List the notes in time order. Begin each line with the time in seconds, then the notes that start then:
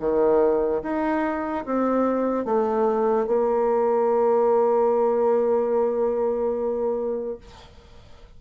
0.00 D#3
0.83 D#4
1.66 C4
2.45 A3
3.27 A#3